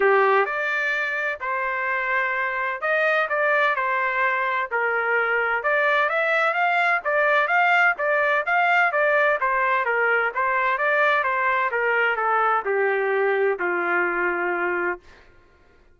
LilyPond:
\new Staff \with { instrumentName = "trumpet" } { \time 4/4 \tempo 4 = 128 g'4 d''2 c''4~ | c''2 dis''4 d''4 | c''2 ais'2 | d''4 e''4 f''4 d''4 |
f''4 d''4 f''4 d''4 | c''4 ais'4 c''4 d''4 | c''4 ais'4 a'4 g'4~ | g'4 f'2. | }